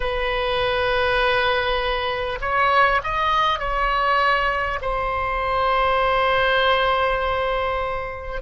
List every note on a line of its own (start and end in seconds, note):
0.00 2.38 B4
2.41 3.01 C#5
3.03 3.59 D#5
3.59 4.79 C#5
4.81 8.41 C5